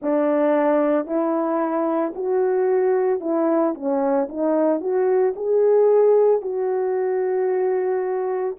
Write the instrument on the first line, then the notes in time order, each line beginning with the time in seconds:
horn
0.01 D4
1.06 E4
2.15 F#4
3.20 E4
3.74 C#4
4.29 D#4
4.80 F#4
5.36 G#4
6.41 F#4